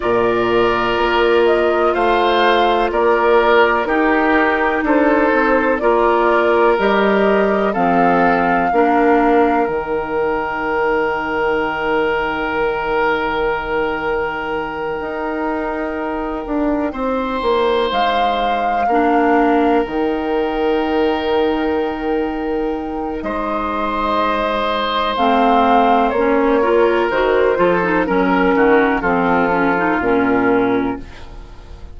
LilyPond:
<<
  \new Staff \with { instrumentName = "flute" } { \time 4/4 \tempo 4 = 62 d''4. dis''8 f''4 d''4 | ais'4 c''4 d''4 dis''4 | f''2 g''2~ | g''1~ |
g''2~ g''8 f''4.~ | f''8 g''2.~ g''8 | dis''2 f''4 cis''4 | c''4 ais'4 a'4 ais'4 | }
  \new Staff \with { instrumentName = "oboe" } { \time 4/4 ais'2 c''4 ais'4 | g'4 a'4 ais'2 | a'4 ais'2.~ | ais'1~ |
ais'4. c''2 ais'8~ | ais'1 | c''2.~ c''8 ais'8~ | ais'8 a'8 ais'8 fis'8 f'2 | }
  \new Staff \with { instrumentName = "clarinet" } { \time 4/4 f'1 | dis'2 f'4 g'4 | c'4 d'4 dis'2~ | dis'1~ |
dis'2.~ dis'8 d'8~ | d'8 dis'2.~ dis'8~ | dis'2 c'4 cis'8 f'8 | fis'8 f'16 dis'16 cis'4 c'8 cis'16 dis'16 cis'4 | }
  \new Staff \with { instrumentName = "bassoon" } { \time 4/4 ais,4 ais4 a4 ais4 | dis'4 d'8 c'8 ais4 g4 | f4 ais4 dis2~ | dis2.~ dis8 dis'8~ |
dis'4 d'8 c'8 ais8 gis4 ais8~ | ais8 dis2.~ dis8 | gis2 a4 ais4 | dis8 f8 fis8 dis8 f4 ais,4 | }
>>